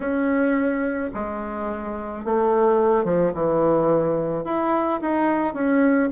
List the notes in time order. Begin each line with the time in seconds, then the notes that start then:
0.00 C#4
1.14 G#3
2.24 A3
3.04 F3
3.33 E3
4.44 E4
5.01 D#4
5.54 C#4